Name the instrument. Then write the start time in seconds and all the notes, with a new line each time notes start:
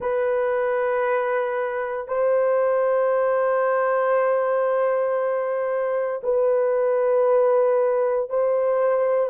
horn
0.00 B4
2.07 C5
6.23 B4
8.29 C5